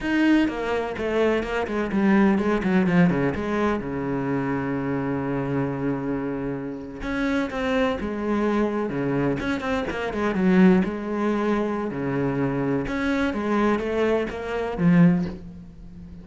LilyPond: \new Staff \with { instrumentName = "cello" } { \time 4/4 \tempo 4 = 126 dis'4 ais4 a4 ais8 gis8 | g4 gis8 fis8 f8 cis8 gis4 | cis1~ | cis2~ cis8. cis'4 c'16~ |
c'8. gis2 cis4 cis'16~ | cis'16 c'8 ais8 gis8 fis4 gis4~ gis16~ | gis4 cis2 cis'4 | gis4 a4 ais4 f4 | }